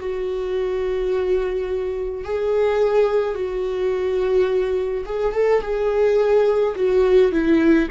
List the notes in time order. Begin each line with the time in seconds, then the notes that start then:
0.00 F#4
2.25 G#4
3.35 F#4
5.06 G#4
5.34 A4
5.62 G#4
6.76 F#4
7.32 E4